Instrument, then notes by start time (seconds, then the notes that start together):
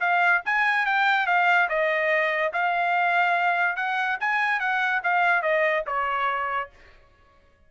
trumpet
0.00 F5
0.45 G#5
0.86 G5
1.26 F5
1.68 D#5
2.53 F5
3.76 F#5
4.20 G#5
4.59 F#5
5.03 F5
5.42 D#5
5.86 C#5